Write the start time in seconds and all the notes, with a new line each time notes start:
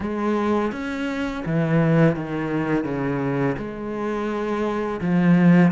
0.00 G#3
0.71 C#4
1.45 E3
2.15 D#3
2.84 C#3
3.57 G#3
5.00 F3